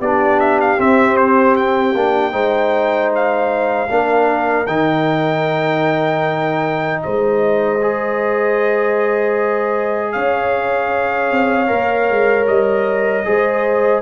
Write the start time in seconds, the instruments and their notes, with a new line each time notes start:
0.00 tuba B3, trombone D4, horn G4, trumpet D5
0.40 trumpet E5
0.61 trumpet F5
0.78 trombone C4, tuba C4, trumpet E5
1.17 trumpet C5
1.56 trumpet G5
1.95 tuba A#3, trombone D4
2.32 tuba G#3, trombone D#4, horn C5
3.15 trumpet F5
3.88 tuba A#3, trombone D4, horn A#4
4.67 tuba D#3, trombone D#4, trumpet G5
7.03 tuba G#3, horn C5, trumpet D#5
7.81 trombone G#4
10.12 tuba C#4, horn C#5, trumpet F5
11.31 tuba C4
11.67 tuba A#3, trombone A#4
12.10 tuba G#3
12.47 tuba G3, trumpet D#5
13.25 tuba G#3, trombone G#4, horn C5